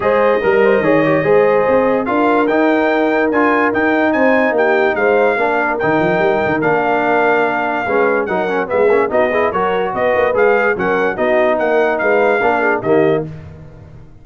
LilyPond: <<
  \new Staff \with { instrumentName = "trumpet" } { \time 4/4 \tempo 4 = 145 dis''1~ | dis''4 f''4 g''2 | gis''4 g''4 gis''4 g''4 | f''2 g''2 |
f''1 | fis''4 e''4 dis''4 cis''4 | dis''4 f''4 fis''4 dis''4 | fis''4 f''2 dis''4 | }
  \new Staff \with { instrumentName = "horn" } { \time 4/4 c''4 ais'8 c''8 cis''4 c''4~ | c''4 ais'2.~ | ais'2 c''4 g'4 | c''4 ais'2.~ |
ais'2. b'4 | ais'4 gis'4 fis'8 gis'8 ais'4 | b'2 ais'4 fis'4 | ais'4 b'4 ais'8 gis'8 g'4 | }
  \new Staff \with { instrumentName = "trombone" } { \time 4/4 gis'4 ais'4 gis'8 g'8 gis'4~ | gis'4 f'4 dis'2 | f'4 dis'2.~ | dis'4 d'4 dis'2 |
d'2. cis'4 | dis'8 cis'8 b8 cis'8 dis'8 e'8 fis'4~ | fis'4 gis'4 cis'4 dis'4~ | dis'2 d'4 ais4 | }
  \new Staff \with { instrumentName = "tuba" } { \time 4/4 gis4 g4 dis4 gis4 | c'4 d'4 dis'2 | d'4 dis'4 c'4 ais4 | gis4 ais4 dis8 f8 g8 dis8 |
ais2. gis4 | fis4 gis8 ais8 b4 fis4 | b8 ais8 gis4 fis4 b4 | ais4 gis4 ais4 dis4 | }
>>